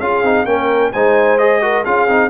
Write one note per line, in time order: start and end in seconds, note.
0.00 0.23 C#4
0.00 0.24 F4
0.00 0.47 G#4
0.00 0.46 F5
0.23 0.45 C4
0.23 0.47 D#4
0.45 0.91 A#3
0.45 0.93 C#4
0.45 0.93 A#4
0.45 0.92 G5
0.92 1.86 G#3
0.92 1.39 D#4
0.92 1.62 C5
0.92 1.38 G#5
1.38 1.62 G#4
1.38 1.84 D#5
1.62 1.85 F#4
1.62 1.85 A#4
1.85 2.09 C#4
1.85 2.08 F4
1.85 2.30 G#4
1.85 2.30 F5
2.08 2.30 C4
2.08 2.30 D#4